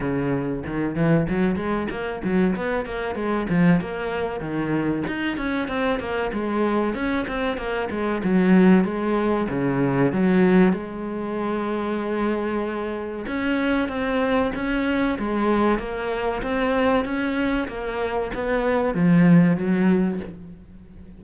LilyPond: \new Staff \with { instrumentName = "cello" } { \time 4/4 \tempo 4 = 95 cis4 dis8 e8 fis8 gis8 ais8 fis8 | b8 ais8 gis8 f8 ais4 dis4 | dis'8 cis'8 c'8 ais8 gis4 cis'8 c'8 | ais8 gis8 fis4 gis4 cis4 |
fis4 gis2.~ | gis4 cis'4 c'4 cis'4 | gis4 ais4 c'4 cis'4 | ais4 b4 f4 fis4 | }